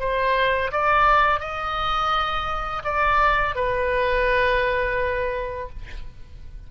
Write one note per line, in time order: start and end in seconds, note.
0.00 0.71 C5
0.72 1.40 D5
1.40 2.83 D#5
2.84 3.56 D5
3.56 5.70 B4